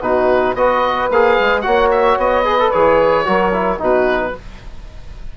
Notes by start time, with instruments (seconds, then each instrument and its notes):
0.00 bassoon B2, trombone D#4, saxophone F#4, oboe B4
0.54 bassoon B3, trombone F#4, saxophone B4, oboe D#5
1.11 bassoon A#3, trombone G#4, oboe F5
1.40 bassoon G#3
1.61 bassoon A#3, trombone F#4, saxophone C#5, oboe F#5
1.91 oboe E5
2.17 bassoon B3, oboe D#5
2.44 trombone G#4, saxophone B4
2.59 trombone A4
2.71 bassoon E3, trombone G#4, oboe C#5
3.25 bassoon F#3, trombone F#4, saxophone A#4
3.53 trombone E4
3.78 bassoon B2, trombone D#4, saxophone F#4, oboe B4